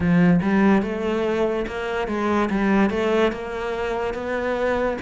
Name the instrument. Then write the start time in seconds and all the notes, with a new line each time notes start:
cello
0.00 F3
0.42 G3
0.82 A3
1.67 A#3
2.07 G#3
2.50 G3
2.90 A3
3.31 A#3
4.14 B3